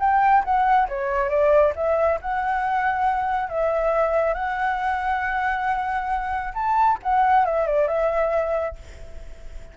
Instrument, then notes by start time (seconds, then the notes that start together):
flute
0.00 G5
0.45 F#5
0.89 C#5
1.29 D5
1.76 E5
2.22 F#5
3.49 E5
4.34 F#5
6.54 A5
7.03 F#5
7.45 E5
7.67 D5
7.88 E5